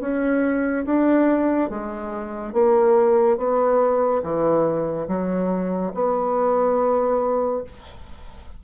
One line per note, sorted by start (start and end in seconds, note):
0.00 0.85 C#4
0.85 1.69 D4
1.70 2.53 G#3
2.53 3.37 A#3
3.37 4.22 B3
4.23 5.07 E3
5.07 5.92 F#3
5.94 7.63 B3